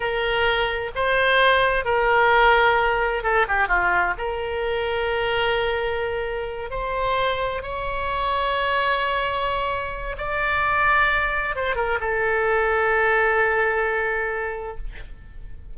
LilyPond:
\new Staff \with { instrumentName = "oboe" } { \time 4/4 \tempo 4 = 130 ais'2 c''2 | ais'2. a'8 g'8 | f'4 ais'2.~ | ais'2~ ais'8 c''4.~ |
c''8 cis''2.~ cis''8~ | cis''2 d''2~ | d''4 c''8 ais'8 a'2~ | a'1 | }